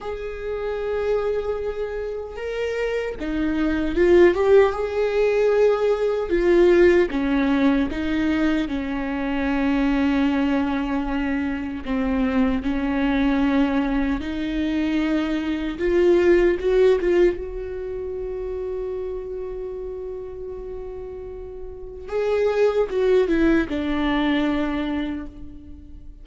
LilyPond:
\new Staff \with { instrumentName = "viola" } { \time 4/4 \tempo 4 = 76 gis'2. ais'4 | dis'4 f'8 g'8 gis'2 | f'4 cis'4 dis'4 cis'4~ | cis'2. c'4 |
cis'2 dis'2 | f'4 fis'8 f'8 fis'2~ | fis'1 | gis'4 fis'8 e'8 d'2 | }